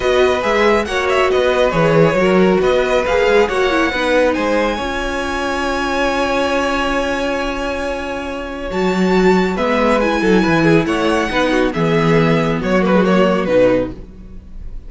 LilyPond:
<<
  \new Staff \with { instrumentName = "violin" } { \time 4/4 \tempo 4 = 138 dis''4 e''4 fis''8 e''8 dis''4 | cis''2 dis''4 f''4 | fis''2 gis''2~ | gis''1~ |
gis''1 | a''2 e''4 gis''4~ | gis''4 fis''2 e''4~ | e''4 cis''8 b'8 cis''4 b'4 | }
  \new Staff \with { instrumentName = "violin" } { \time 4/4 b'2 cis''4 b'4~ | b'4 ais'4 b'2 | cis''4 b'4 c''4 cis''4~ | cis''1~ |
cis''1~ | cis''2 b'4. a'8 | b'8 gis'8 cis''4 b'8 fis'8 gis'4~ | gis'4 fis'2. | }
  \new Staff \with { instrumentName = "viola" } { \time 4/4 fis'4 gis'4 fis'2 | gis'4 fis'2 gis'4 | fis'8 e'8 dis'2 f'4~ | f'1~ |
f'1 | fis'2 b4 e'4~ | e'2 dis'4 b4~ | b4. ais16 gis16 ais4 dis'4 | }
  \new Staff \with { instrumentName = "cello" } { \time 4/4 b4 gis4 ais4 b4 | e4 fis4 b4 ais8 gis8 | ais4 b4 gis4 cis'4~ | cis'1~ |
cis'1 | fis2 gis4. fis8 | e4 a4 b4 e4~ | e4 fis2 b,4 | }
>>